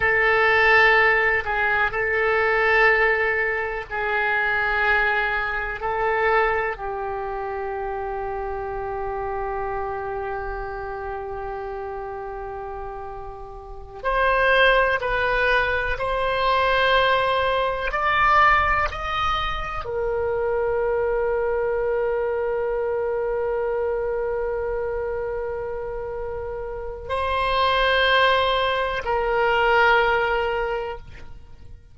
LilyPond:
\new Staff \with { instrumentName = "oboe" } { \time 4/4 \tempo 4 = 62 a'4. gis'8 a'2 | gis'2 a'4 g'4~ | g'1~ | g'2~ g'8 c''4 b'8~ |
b'8 c''2 d''4 dis''8~ | dis''8 ais'2.~ ais'8~ | ais'1 | c''2 ais'2 | }